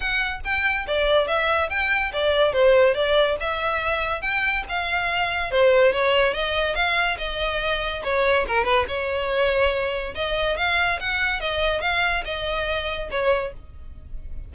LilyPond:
\new Staff \with { instrumentName = "violin" } { \time 4/4 \tempo 4 = 142 fis''4 g''4 d''4 e''4 | g''4 d''4 c''4 d''4 | e''2 g''4 f''4~ | f''4 c''4 cis''4 dis''4 |
f''4 dis''2 cis''4 | ais'8 b'8 cis''2. | dis''4 f''4 fis''4 dis''4 | f''4 dis''2 cis''4 | }